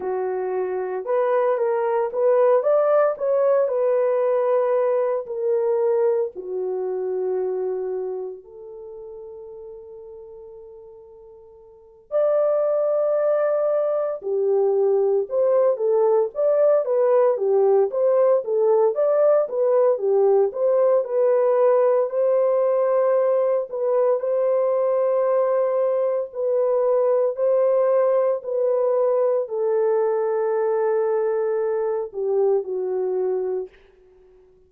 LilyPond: \new Staff \with { instrumentName = "horn" } { \time 4/4 \tempo 4 = 57 fis'4 b'8 ais'8 b'8 d''8 cis''8 b'8~ | b'4 ais'4 fis'2 | a'2.~ a'8 d''8~ | d''4. g'4 c''8 a'8 d''8 |
b'8 g'8 c''8 a'8 d''8 b'8 g'8 c''8 | b'4 c''4. b'8 c''4~ | c''4 b'4 c''4 b'4 | a'2~ a'8 g'8 fis'4 | }